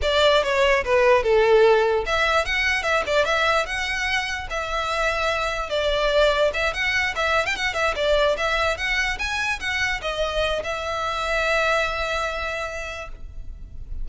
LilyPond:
\new Staff \with { instrumentName = "violin" } { \time 4/4 \tempo 4 = 147 d''4 cis''4 b'4 a'4~ | a'4 e''4 fis''4 e''8 d''8 | e''4 fis''2 e''4~ | e''2 d''2 |
e''8 fis''4 e''8. g''16 fis''8 e''8 d''8~ | d''8 e''4 fis''4 gis''4 fis''8~ | fis''8 dis''4. e''2~ | e''1 | }